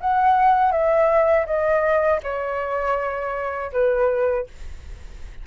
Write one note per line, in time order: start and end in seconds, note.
0.00 0.72 F#5
0.72 1.46 E5
1.46 2.20 D#5
2.23 3.71 C#5
3.73 4.47 B4